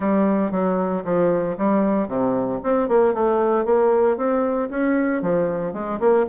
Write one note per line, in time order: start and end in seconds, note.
0.00 0.51 G3
0.51 1.03 F#3
1.04 1.56 F3
1.57 2.08 G3
2.08 2.60 C3
2.63 2.88 C4
2.88 3.14 A#3
3.14 3.65 A3
3.65 4.17 A#3
4.17 4.69 C4
4.70 5.22 C#4
5.22 5.73 F3
5.73 5.99 G#3
6.00 6.26 A#3